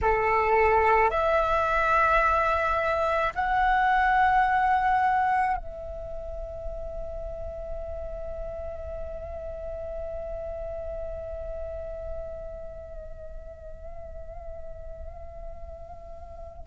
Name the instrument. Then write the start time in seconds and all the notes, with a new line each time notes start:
flute
0.02 A4
1.10 E5
3.35 F#5
5.56 E5